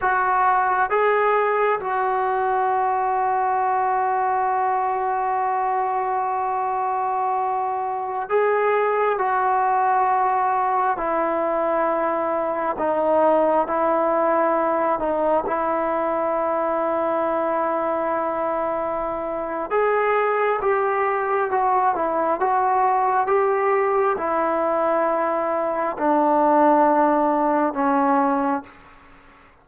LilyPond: \new Staff \with { instrumentName = "trombone" } { \time 4/4 \tempo 4 = 67 fis'4 gis'4 fis'2~ | fis'1~ | fis'4~ fis'16 gis'4 fis'4.~ fis'16~ | fis'16 e'2 dis'4 e'8.~ |
e'8. dis'8 e'2~ e'8.~ | e'2 gis'4 g'4 | fis'8 e'8 fis'4 g'4 e'4~ | e'4 d'2 cis'4 | }